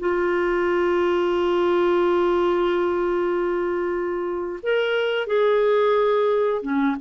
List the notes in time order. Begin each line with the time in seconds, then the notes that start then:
0.00 F4
4.63 A#4
5.27 G#4
6.63 C#4